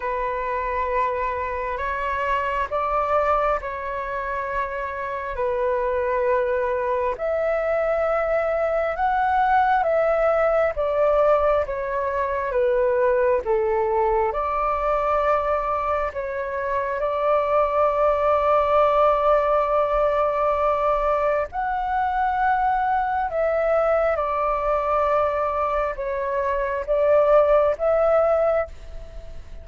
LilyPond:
\new Staff \with { instrumentName = "flute" } { \time 4/4 \tempo 4 = 67 b'2 cis''4 d''4 | cis''2 b'2 | e''2 fis''4 e''4 | d''4 cis''4 b'4 a'4 |
d''2 cis''4 d''4~ | d''1 | fis''2 e''4 d''4~ | d''4 cis''4 d''4 e''4 | }